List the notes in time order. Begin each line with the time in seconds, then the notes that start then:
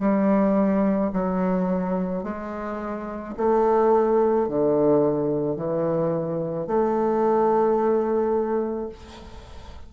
0.00 G3
1.13 F#3
2.24 G#3
3.37 A3
4.48 D3
5.56 E3
6.67 A3